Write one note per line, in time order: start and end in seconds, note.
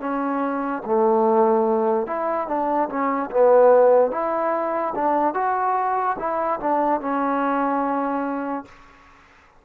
0.00 0.82 C#4
0.85 2.07 A3
2.07 2.48 E4
2.48 2.89 D4
2.89 3.30 C#4
3.31 4.11 B3
4.11 4.94 E4
4.95 5.34 D4
5.34 6.16 F#4
6.19 6.60 E4
6.60 7.01 D4
7.01 8.65 C#4